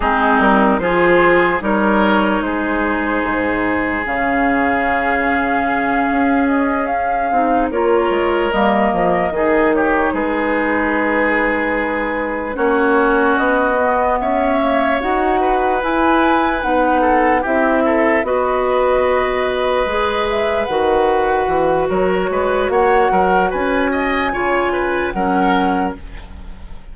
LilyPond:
<<
  \new Staff \with { instrumentName = "flute" } { \time 4/4 \tempo 4 = 74 gis'8 ais'8 c''4 cis''4 c''4~ | c''4 f''2. | dis''8 f''4 cis''4 dis''4. | cis''8 b'2. cis''8~ |
cis''8 dis''4 e''4 fis''4 gis''8~ | gis''8 fis''4 e''4 dis''4.~ | dis''4 e''8 fis''4. cis''4 | fis''4 gis''2 fis''4 | }
  \new Staff \with { instrumentName = "oboe" } { \time 4/4 dis'4 gis'4 ais'4 gis'4~ | gis'1~ | gis'4. ais'2 gis'8 | g'8 gis'2. fis'8~ |
fis'4. cis''4. b'4~ | b'4 a'8 g'8 a'8 b'4.~ | b'2. ais'8 b'8 | cis''8 ais'8 b'8 dis''8 cis''8 b'8 ais'4 | }
  \new Staff \with { instrumentName = "clarinet" } { \time 4/4 c'4 f'4 dis'2~ | dis'4 cis'2.~ | cis'4 dis'8 f'4 ais4 dis'8~ | dis'2.~ dis'8 cis'8~ |
cis'4 b4 ais8 fis'4 e'8~ | e'8 dis'4 e'4 fis'4.~ | fis'8 gis'4 fis'2~ fis'8~ | fis'2 f'4 cis'4 | }
  \new Staff \with { instrumentName = "bassoon" } { \time 4/4 gis8 g8 f4 g4 gis4 | gis,4 cis2~ cis8 cis'8~ | cis'4 c'8 ais8 gis8 g8 f8 dis8~ | dis8 gis2. ais8~ |
ais8 b4 cis'4 dis'4 e'8~ | e'8 b4 c'4 b4.~ | b8 gis4 dis4 e8 fis8 gis8 | ais8 fis8 cis'4 cis4 fis4 | }
>>